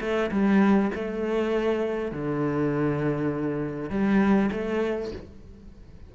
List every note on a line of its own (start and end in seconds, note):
0.00 0.30 A3
0.31 0.91 G3
0.94 2.12 A3
2.12 3.90 D3
3.90 4.50 G3
4.51 5.11 A3